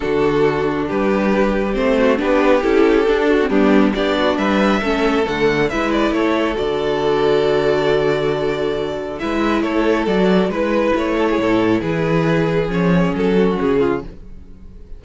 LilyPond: <<
  \new Staff \with { instrumentName = "violin" } { \time 4/4 \tempo 4 = 137 a'2 b'2 | c''4 b'4 a'2 | g'4 d''4 e''2 | fis''4 e''8 d''8 cis''4 d''4~ |
d''1~ | d''4 e''4 cis''4 d''4 | b'4 cis''2 b'4~ | b'4 cis''4 a'4 gis'4 | }
  \new Staff \with { instrumentName = "violin" } { \time 4/4 fis'2 g'2~ | g'8 fis'8 g'2~ g'8 fis'8 | d'4 g'8 fis'8 b'4 a'4~ | a'4 b'4 a'2~ |
a'1~ | a'4 b'4 a'2 | b'4. a'16 gis'16 a'4 gis'4~ | gis'2~ gis'8 fis'4 f'8 | }
  \new Staff \with { instrumentName = "viola" } { \time 4/4 d'1 | c'4 d'4 e'4 d'8. c'16 | b4 d'2 cis'4 | a4 e'2 fis'4~ |
fis'1~ | fis'4 e'2 fis'4 | e'1~ | e'4 cis'2. | }
  \new Staff \with { instrumentName = "cello" } { \time 4/4 d2 g2 | a4 b4 cis'4 d'4 | g4 b4 g4 a4 | d4 gis4 a4 d4~ |
d1~ | d4 gis4 a4 fis4 | gis4 a4 a,4 e4~ | e4 f4 fis4 cis4 | }
>>